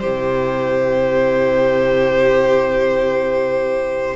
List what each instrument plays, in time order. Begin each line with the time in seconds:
0.00 cello C3, viola E4, violin G4 C5